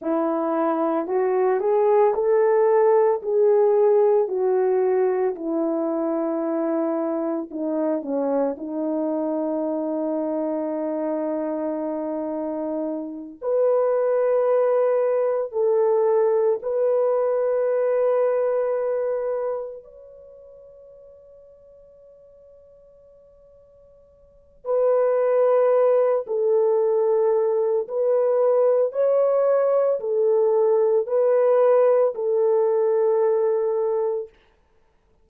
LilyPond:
\new Staff \with { instrumentName = "horn" } { \time 4/4 \tempo 4 = 56 e'4 fis'8 gis'8 a'4 gis'4 | fis'4 e'2 dis'8 cis'8 | dis'1~ | dis'8 b'2 a'4 b'8~ |
b'2~ b'8 cis''4.~ | cis''2. b'4~ | b'8 a'4. b'4 cis''4 | a'4 b'4 a'2 | }